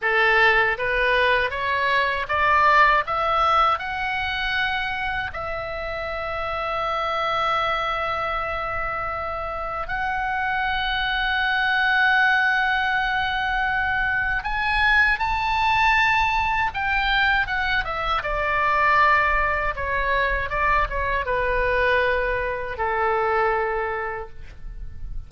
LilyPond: \new Staff \with { instrumentName = "oboe" } { \time 4/4 \tempo 4 = 79 a'4 b'4 cis''4 d''4 | e''4 fis''2 e''4~ | e''1~ | e''4 fis''2.~ |
fis''2. gis''4 | a''2 g''4 fis''8 e''8 | d''2 cis''4 d''8 cis''8 | b'2 a'2 | }